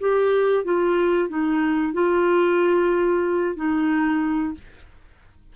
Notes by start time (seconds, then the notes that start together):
0.00 G4
0.64 F4
1.28 D#4
1.93 F4
3.56 D#4